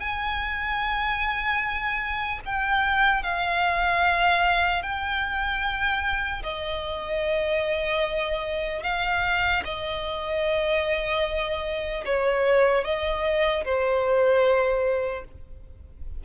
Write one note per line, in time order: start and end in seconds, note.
0.00 2.40 G#5
2.46 3.23 G5
3.23 4.83 F5
4.83 6.43 G5
6.43 8.83 D#5
8.83 9.63 F5
9.65 12.05 D#5
12.05 12.84 C#5
12.84 13.64 D#5
13.65 15.25 C5